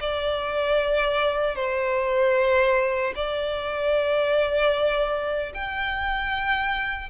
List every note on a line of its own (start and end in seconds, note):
0.00 1.55 D5
1.55 3.13 C5
3.15 5.52 D5
5.54 7.09 G5